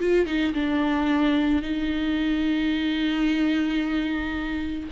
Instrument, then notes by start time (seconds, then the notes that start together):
viola
0.00 F4
0.26 D#4
0.54 D4
1.62 D#4